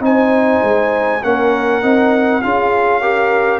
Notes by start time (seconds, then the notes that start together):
0.00 C4 D#4 C5 G#5
0.64 G#3
1.23 A#3 C#4 A#4 F#5
1.82 C4 D#4
2.42 C#4 F4 G#4 F5
3.01 G4 A#4